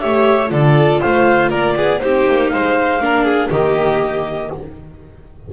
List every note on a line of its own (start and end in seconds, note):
0.00 0.51 A3
0.00 0.47 G4
0.00 0.52 C#5
0.00 0.50 E5
0.47 1.01 D3
0.47 1.97 F4
0.47 1.01 A4
0.47 1.01 D5
1.01 1.51 A3
1.01 1.49 C5
1.01 1.51 F5
1.49 1.76 A#3
1.49 1.74 A#4
1.49 2.00 D5
1.76 2.01 B3
1.76 2.02 G#4
2.00 2.28 C4
2.00 3.01 D#4
2.00 2.52 G4
2.00 2.49 C5
2.28 2.53 A#3
2.49 3.00 G#3
2.49 3.02 C5
2.49 3.49 F5
3.00 3.50 A#3
3.00 3.51 D4
3.00 3.24 A#4
3.24 3.49 G#4
3.51 4.51 D#3
3.51 4.53 A#3
3.51 4.51 G4
3.51 4.53 D#5